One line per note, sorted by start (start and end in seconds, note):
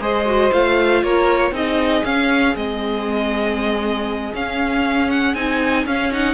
0.00 0.51 G#3
0.00 0.26 G#4
0.00 1.04 C5
0.00 0.53 D#5
0.26 0.51 F#4
0.52 1.03 A3
0.52 1.53 F4
0.52 1.03 F5
1.03 1.51 A#3
1.03 1.53 A#4
1.03 1.54 C#5
1.51 2.02 C4
1.51 2.03 D#4
1.51 6.34 G#4
1.51 2.05 D#5
2.04 2.55 C#4
2.04 2.56 F5
2.55 4.34 G#3
2.55 4.33 C4
2.55 4.34 D#5
4.34 5.35 C#4
4.34 5.36 C#4
4.34 5.11 F5
5.11 5.35 F#5
5.35 5.85 C4
5.35 5.87 D#4
5.35 5.85 G#5
5.86 6.34 C#4
5.86 6.12 C#4
5.86 6.12 F5
6.12 6.34 D#4
6.12 6.34 F#5